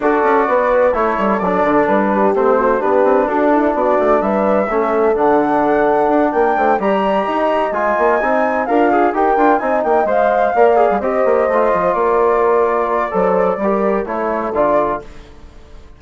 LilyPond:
<<
  \new Staff \with { instrumentName = "flute" } { \time 4/4 \tempo 4 = 128 d''2 cis''4 d''4 | b'4 c''4 b'4 a'4 | d''4 e''2 fis''4~ | fis''4. g''4 ais''4.~ |
ais''8 gis''2 f''4 g''8~ | g''8 gis''8 g''8 f''2 dis''8~ | dis''4. d''2~ d''8~ | d''2 cis''4 d''4 | }
  \new Staff \with { instrumentName = "horn" } { \time 4/4 a'4 b'4 a'2~ | a'8 g'4 fis'8 g'4 fis'8 e'8 | fis'4 b'4 a'2~ | a'4. ais'8 c''8 d''4 dis''8~ |
dis''2~ dis''8 f'4 ais'8~ | ais'8 dis''2 d''4 c''8~ | c''4. ais'2~ ais'8 | c''4 ais'4 a'2 | }
  \new Staff \with { instrumentName = "trombone" } { \time 4/4 fis'2 e'4 d'4~ | d'4 c'4 d'2~ | d'2 cis'4 d'4~ | d'2~ d'8 g'4.~ |
g'8 f'4 dis'4 ais'8 gis'8 g'8 | f'8 dis'4 c''4 ais'8 gis'8 g'8~ | g'8 f'2.~ f'8 | a'4 g'4 e'4 f'4 | }
  \new Staff \with { instrumentName = "bassoon" } { \time 4/4 d'8 cis'8 b4 a8 g8 fis8 d8 | g4 a4 b8 c'8 d'4 | b8 a8 g4 a4 d4~ | d4 d'8 ais8 a8 g4 dis'8~ |
dis'8 gis8 ais8 c'4 d'4 dis'8 | d'8 c'8 ais8 gis4 ais8. g16 c'8 | ais8 a8 f8 ais2~ ais8 | fis4 g4 a4 d4 | }
>>